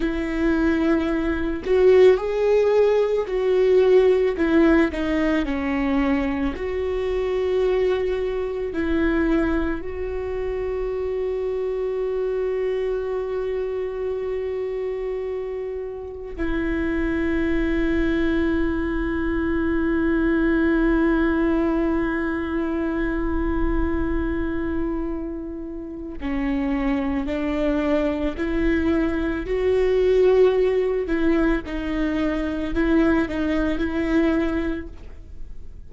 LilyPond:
\new Staff \with { instrumentName = "viola" } { \time 4/4 \tempo 4 = 55 e'4. fis'8 gis'4 fis'4 | e'8 dis'8 cis'4 fis'2 | e'4 fis'2.~ | fis'2. e'4~ |
e'1~ | e'1 | cis'4 d'4 e'4 fis'4~ | fis'8 e'8 dis'4 e'8 dis'8 e'4 | }